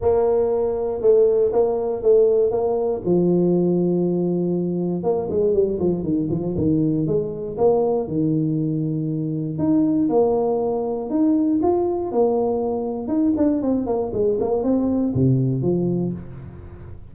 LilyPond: \new Staff \with { instrumentName = "tuba" } { \time 4/4 \tempo 4 = 119 ais2 a4 ais4 | a4 ais4 f2~ | f2 ais8 gis8 g8 f8 | dis8 f8 dis4 gis4 ais4 |
dis2. dis'4 | ais2 dis'4 f'4 | ais2 dis'8 d'8 c'8 ais8 | gis8 ais8 c'4 c4 f4 | }